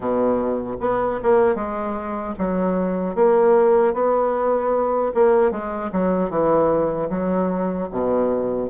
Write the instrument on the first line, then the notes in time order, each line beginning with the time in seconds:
bassoon
0.00 B2
0.80 B3
1.22 A#3
1.55 G#3
2.38 F#3
3.15 A#3
3.93 B3
5.14 A#3
5.50 G#3
5.92 F#3
6.30 E3
7.09 F#3
7.91 B2